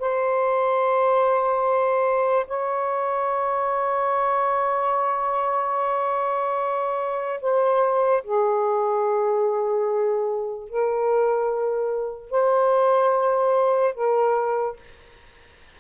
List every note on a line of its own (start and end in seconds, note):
0.00 2.47 C5
2.48 7.41 C#5
7.42 8.24 C5
8.24 10.70 G#4
10.70 12.31 A#4
12.31 13.95 C5
13.95 14.77 A#4